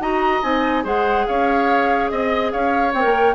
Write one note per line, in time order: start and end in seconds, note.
0.00 0.42 D#4
0.00 0.42 F#4
0.00 0.84 D#5
0.00 0.43 A#5
0.42 0.85 C4
0.42 0.84 D#4
0.42 0.85 G#5
0.84 1.26 G#3
0.84 2.92 G#4
0.84 1.26 C5
0.84 1.27 F#5
1.27 2.11 C#4
1.27 2.12 C#5
1.27 2.10 F5
2.10 2.53 C4
2.10 2.51 D#5
2.10 2.53 D#5
2.52 2.94 C#4
2.52 3.35 C#5
2.52 2.93 F5
2.94 3.05 C4
2.94 3.35 A#4
2.94 3.35 G5
3.05 3.35 A#3